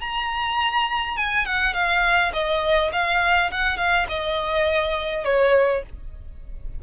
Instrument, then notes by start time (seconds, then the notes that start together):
violin
0.00 A#5
1.17 G#5
1.45 F#5
1.73 F5
2.33 D#5
2.92 F5
3.51 F#5
3.77 F5
4.09 D#5
5.24 C#5